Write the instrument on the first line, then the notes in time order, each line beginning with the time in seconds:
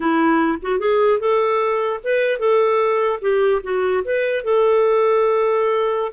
clarinet
0.00 E4
0.62 F#4
0.79 G#4
1.19 A4
2.03 B4
2.39 A4
3.21 G4
3.63 F#4
4.04 B4
4.43 A4